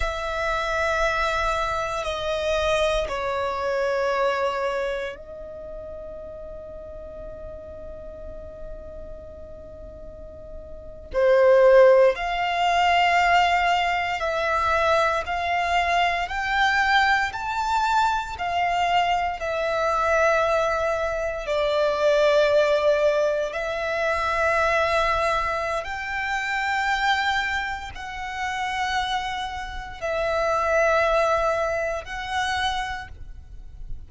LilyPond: \new Staff \with { instrumentName = "violin" } { \time 4/4 \tempo 4 = 58 e''2 dis''4 cis''4~ | cis''4 dis''2.~ | dis''2~ dis''8. c''4 f''16~ | f''4.~ f''16 e''4 f''4 g''16~ |
g''8. a''4 f''4 e''4~ e''16~ | e''8. d''2 e''4~ e''16~ | e''4 g''2 fis''4~ | fis''4 e''2 fis''4 | }